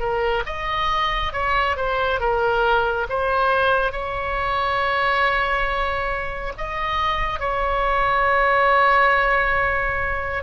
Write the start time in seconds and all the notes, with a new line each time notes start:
0.00 A#4
0.46 D#5
1.33 C#5
1.77 C5
2.20 A#4
3.09 C5
3.92 C#5
6.58 D#5
7.40 C#5